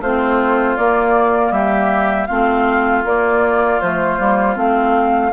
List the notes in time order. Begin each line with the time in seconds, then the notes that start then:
0.00 A3 C4 F4 C5
0.76 A#3 D5
1.51 G3 G4 E5
2.26 A3 C4 F4 F5
3.04 A#3 D5
3.80 F3 A3 C5
4.18 G3 A#3
4.55 A3 C4 F5